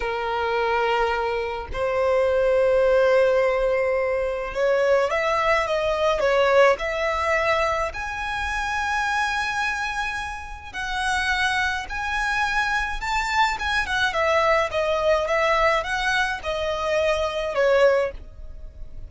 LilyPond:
\new Staff \with { instrumentName = "violin" } { \time 4/4 \tempo 4 = 106 ais'2. c''4~ | c''1 | cis''4 e''4 dis''4 cis''4 | e''2 gis''2~ |
gis''2. fis''4~ | fis''4 gis''2 a''4 | gis''8 fis''8 e''4 dis''4 e''4 | fis''4 dis''2 cis''4 | }